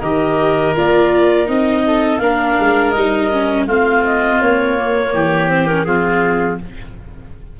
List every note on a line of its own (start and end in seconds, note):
0.00 0.75 D#3
0.00 0.76 G4
0.00 1.83 A#4
0.00 0.75 D#5
0.76 1.49 A#3
0.76 1.46 F4
0.76 1.48 D5
1.46 2.19 C4
1.46 2.19 D#4
1.46 2.19 D#5
1.87 2.22 A4
2.19 2.56 A#3
2.19 2.94 D4
2.19 3.67 A#4
2.19 2.91 F5
2.60 2.95 G#3
2.91 3.67 G3
2.91 3.65 D#5
2.98 3.31 D#4
3.31 3.68 C#4
3.67 4.40 A3
3.67 4.78 C4
3.67 5.13 F4
3.67 4.05 F5
4.05 4.42 D#5
4.41 5.14 A#3
4.41 5.50 C#5
4.78 5.49 A#3
5.14 5.87 E3
5.14 5.87 G4
5.49 5.67 C4
5.49 5.68 C5
5.68 5.86 C#4
5.68 5.85 A#4
5.85 6.60 F3
5.85 6.60 C4
5.85 6.60 F4
5.85 6.58 G#4